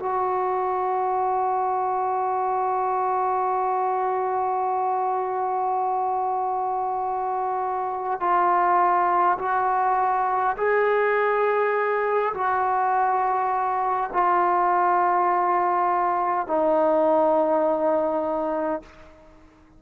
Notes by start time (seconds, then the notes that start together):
0.00 F#4
8.20 F4
9.39 F#4
10.57 G#4
12.34 F#4
14.13 F4
16.47 D#4